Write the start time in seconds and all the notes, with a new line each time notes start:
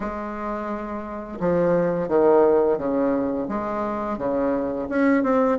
0.00 G#3
1.40 F3
2.08 D#3
2.77 C#3
3.48 G#3
4.18 C#3
4.89 C#4
5.23 C4